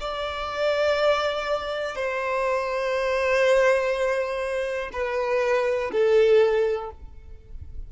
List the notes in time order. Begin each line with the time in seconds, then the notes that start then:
0.00 D5
1.95 C5
4.93 B4
5.92 A4